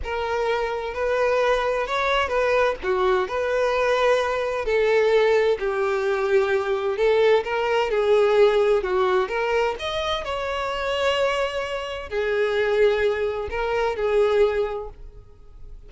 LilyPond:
\new Staff \with { instrumentName = "violin" } { \time 4/4 \tempo 4 = 129 ais'2 b'2 | cis''4 b'4 fis'4 b'4~ | b'2 a'2 | g'2. a'4 |
ais'4 gis'2 fis'4 | ais'4 dis''4 cis''2~ | cis''2 gis'2~ | gis'4 ais'4 gis'2 | }